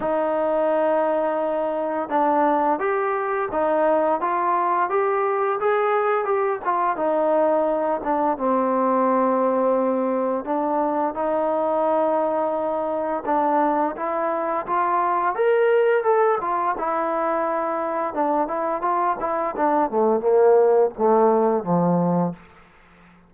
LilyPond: \new Staff \with { instrumentName = "trombone" } { \time 4/4 \tempo 4 = 86 dis'2. d'4 | g'4 dis'4 f'4 g'4 | gis'4 g'8 f'8 dis'4. d'8 | c'2. d'4 |
dis'2. d'4 | e'4 f'4 ais'4 a'8 f'8 | e'2 d'8 e'8 f'8 e'8 | d'8 a8 ais4 a4 f4 | }